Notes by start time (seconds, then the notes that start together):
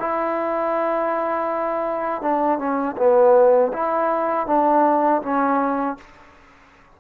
0.00 E4
2.22 D4
2.59 C#4
2.97 B3
3.73 E4
4.47 D4
5.23 C#4